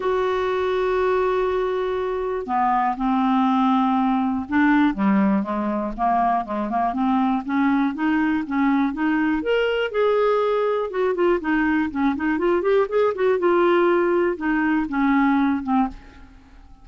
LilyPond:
\new Staff \with { instrumentName = "clarinet" } { \time 4/4 \tempo 4 = 121 fis'1~ | fis'4 b4 c'2~ | c'4 d'4 g4 gis4 | ais4 gis8 ais8 c'4 cis'4 |
dis'4 cis'4 dis'4 ais'4 | gis'2 fis'8 f'8 dis'4 | cis'8 dis'8 f'8 g'8 gis'8 fis'8 f'4~ | f'4 dis'4 cis'4. c'8 | }